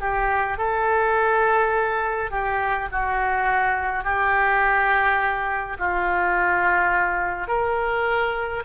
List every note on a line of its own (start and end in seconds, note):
0.00 0.58 G4
0.58 2.31 A4
2.31 2.88 G4
2.92 4.04 F#4
4.04 5.77 G4
5.79 7.48 F4
7.48 8.63 A#4